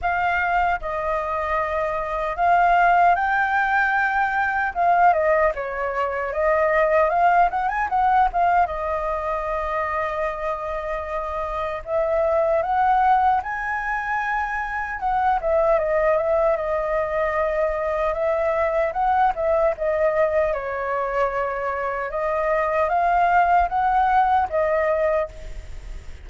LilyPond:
\new Staff \with { instrumentName = "flute" } { \time 4/4 \tempo 4 = 76 f''4 dis''2 f''4 | g''2 f''8 dis''8 cis''4 | dis''4 f''8 fis''16 gis''16 fis''8 f''8 dis''4~ | dis''2. e''4 |
fis''4 gis''2 fis''8 e''8 | dis''8 e''8 dis''2 e''4 | fis''8 e''8 dis''4 cis''2 | dis''4 f''4 fis''4 dis''4 | }